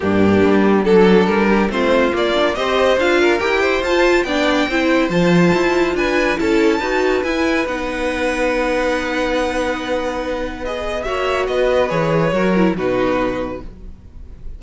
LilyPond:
<<
  \new Staff \with { instrumentName = "violin" } { \time 4/4 \tempo 4 = 141 g'2 a'4 ais'4 | c''4 d''4 dis''4 f''4 | g''4 a''4 g''2 | a''2 gis''4 a''4~ |
a''4 gis''4 fis''2~ | fis''1~ | fis''4 dis''4 e''4 dis''4 | cis''2 b'2 | }
  \new Staff \with { instrumentName = "violin" } { \time 4/4 d'2 a'4. g'8 | f'2 c''4. ais'8~ | ais'8 c''4. d''4 c''4~ | c''2 b'4 a'4 |
b'1~ | b'1~ | b'2 cis''4 b'4~ | b'4 ais'4 fis'2 | }
  \new Staff \with { instrumentName = "viola" } { \time 4/4 ais2 d'2 | c'4 ais8 d'8 g'4 f'4 | g'4 f'4 d'4 e'4 | f'2. e'4 |
fis'4 e'4 dis'2~ | dis'1~ | dis'4 gis'4 fis'2 | gis'4 fis'8 e'8 dis'2 | }
  \new Staff \with { instrumentName = "cello" } { \time 4/4 g,4 g4 fis4 g4 | a4 ais4 c'4 d'4 | e'4 f'4 b4 c'4 | f4 e'4 d'4 cis'4 |
dis'4 e'4 b2~ | b1~ | b2 ais4 b4 | e4 fis4 b,2 | }
>>